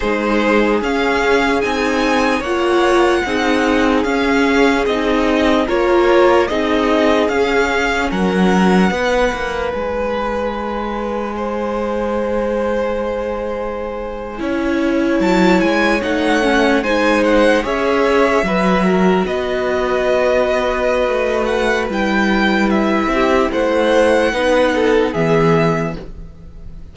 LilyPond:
<<
  \new Staff \with { instrumentName = "violin" } { \time 4/4 \tempo 4 = 74 c''4 f''4 gis''4 fis''4~ | fis''4 f''4 dis''4 cis''4 | dis''4 f''4 fis''2 | gis''1~ |
gis''2~ gis''8. a''8 gis''8 fis''16~ | fis''8. gis''8 fis''8 e''2 dis''16~ | dis''2~ dis''8 fis''8 g''4 | e''4 fis''2 e''4 | }
  \new Staff \with { instrumentName = "violin" } { \time 4/4 gis'2. cis''4 | gis'2. ais'4 | gis'2 ais'4 b'4~ | b'2 c''2~ |
c''4.~ c''16 cis''2~ cis''16~ | cis''8. c''4 cis''4 b'8 ais'8 b'16~ | b'1~ | b'8 g'8 c''4 b'8 a'8 gis'4 | }
  \new Staff \with { instrumentName = "viola" } { \time 4/4 dis'4 cis'4 dis'4 f'4 | dis'4 cis'4 dis'4 f'4 | dis'4 cis'2 dis'4~ | dis'1~ |
dis'4.~ dis'16 e'2 dis'16~ | dis'16 cis'8 dis'4 gis'4 fis'4~ fis'16~ | fis'2. e'4~ | e'2 dis'4 b4 | }
  \new Staff \with { instrumentName = "cello" } { \time 4/4 gis4 cis'4 c'4 ais4 | c'4 cis'4 c'4 ais4 | c'4 cis'4 fis4 b8 ais8 | gis1~ |
gis4.~ gis16 cis'4 fis8 gis8 a16~ | a8. gis4 cis'4 fis4 b16~ | b2 a4 g4~ | g8 c'8 a4 b4 e4 | }
>>